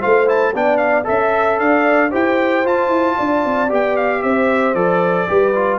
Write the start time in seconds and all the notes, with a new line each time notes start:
0.00 A3 F4 C5 F5
0.27 E4 A5
0.55 B3 D4 D5 G5
0.78 F5
1.04 C#4 A4 E5
1.59 D4 D5 F5
2.11 E4 G4 C5 G5
2.65 F4 A5
2.89 E4
3.17 D4 D5
3.46 C4
3.69 B3 G4 G5
3.97 F5
4.23 C4 C5 E5
4.75 F3 A4 D5
5.28 G3 G4 B4
5.55 F4